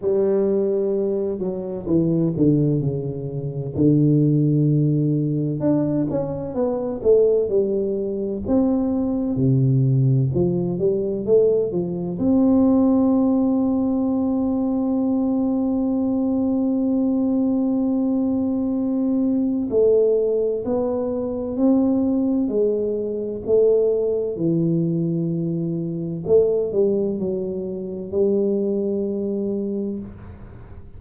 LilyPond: \new Staff \with { instrumentName = "tuba" } { \time 4/4 \tempo 4 = 64 g4. fis8 e8 d8 cis4 | d2 d'8 cis'8 b8 a8 | g4 c'4 c4 f8 g8 | a8 f8 c'2.~ |
c'1~ | c'4 a4 b4 c'4 | gis4 a4 e2 | a8 g8 fis4 g2 | }